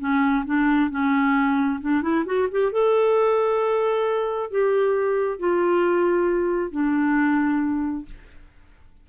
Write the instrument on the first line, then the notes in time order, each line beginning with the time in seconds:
clarinet
0.00 C#4
0.46 D4
0.91 C#4
1.81 D4
2.02 E4
2.26 F#4
2.52 G4
2.72 A4
4.51 G4
5.39 F4
6.71 D4